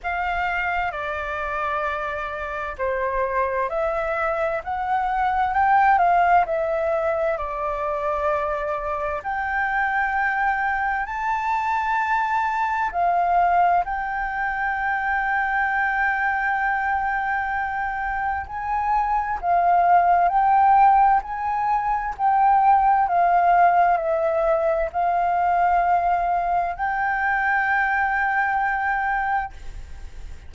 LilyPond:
\new Staff \with { instrumentName = "flute" } { \time 4/4 \tempo 4 = 65 f''4 d''2 c''4 | e''4 fis''4 g''8 f''8 e''4 | d''2 g''2 | a''2 f''4 g''4~ |
g''1 | gis''4 f''4 g''4 gis''4 | g''4 f''4 e''4 f''4~ | f''4 g''2. | }